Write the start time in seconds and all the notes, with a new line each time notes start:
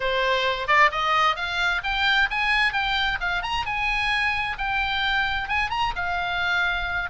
0.00 C5
0.67 D5
0.91 D#5
1.36 F5
1.83 G5
2.30 G#5
2.72 G5
3.20 F5
3.42 A#5
3.65 G#5
4.58 G5
5.48 G#5
5.70 A#5
5.95 F5